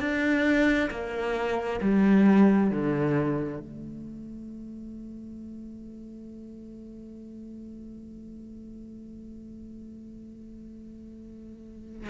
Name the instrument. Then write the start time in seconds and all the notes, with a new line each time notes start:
cello
0.00 D4
0.90 A#3
1.81 G3
2.70 D3
3.60 A3